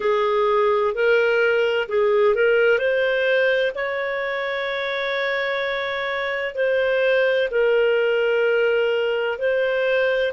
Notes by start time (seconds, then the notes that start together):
0.00 G#4
0.94 A#4
1.88 G#4
2.34 A#4
2.78 C5
3.75 C#5
6.55 C5
7.50 A#4
9.38 C5